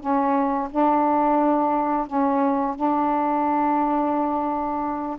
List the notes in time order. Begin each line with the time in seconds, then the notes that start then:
0.00 C#4
0.71 D4
2.07 C#4
2.76 D4